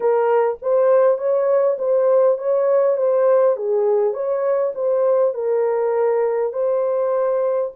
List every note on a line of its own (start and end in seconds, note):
0.00 0.58 A#4
0.62 1.17 C5
1.17 1.77 C#5
1.78 2.38 C5
2.38 2.97 C#5
2.97 3.56 C5
3.56 4.13 G#4
4.13 4.73 C#5
4.74 5.34 C5
5.34 6.52 A#4
6.52 7.71 C5